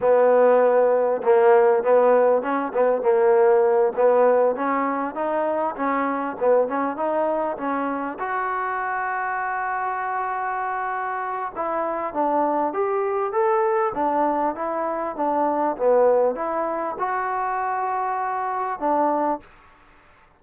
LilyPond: \new Staff \with { instrumentName = "trombone" } { \time 4/4 \tempo 4 = 99 b2 ais4 b4 | cis'8 b8 ais4. b4 cis'8~ | cis'8 dis'4 cis'4 b8 cis'8 dis'8~ | dis'8 cis'4 fis'2~ fis'8~ |
fis'2. e'4 | d'4 g'4 a'4 d'4 | e'4 d'4 b4 e'4 | fis'2. d'4 | }